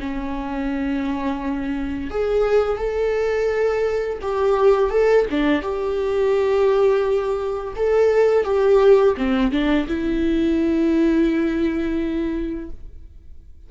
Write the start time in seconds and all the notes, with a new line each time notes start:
0.00 C#4
2.11 G#4
2.78 A4
4.22 G4
4.91 A4
5.31 D4
5.62 G4
7.76 A4
8.44 G4
9.17 C4
9.52 D4
9.88 E4